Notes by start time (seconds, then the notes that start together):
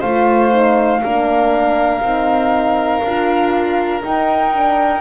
0.00 A3 F4 C5 F5
0.52 D#4
1.03 A#3 D4 A#4
2.01 C4 D#4
3.03 D4 F4
4.02 D#4 G5
4.53 D4